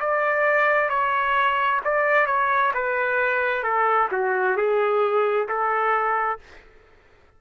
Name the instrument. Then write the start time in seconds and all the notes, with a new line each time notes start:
trumpet
0.00 D5
0.90 C#5
1.85 D5
2.26 C#5
2.74 B4
3.63 A4
4.12 F#4
4.57 G#4
5.49 A4